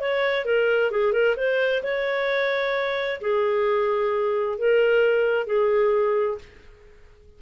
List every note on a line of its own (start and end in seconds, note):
0.00 0.45 C#5
0.45 0.91 A#4
0.91 1.12 G#4
1.12 1.35 A#4
1.37 1.82 C5
1.83 3.20 C#5
3.21 4.58 G#4
4.58 5.46 A#4
5.46 6.38 G#4